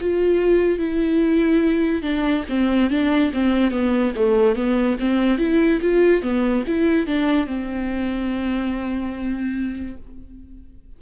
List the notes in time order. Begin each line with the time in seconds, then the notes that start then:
0.00 F4
0.78 E4
2.02 D4
2.49 C4
2.90 D4
3.33 C4
3.71 B3
4.15 A3
4.55 B3
4.99 C4
5.38 E4
5.81 F4
6.22 B3
6.66 E4
7.06 D4
7.46 C4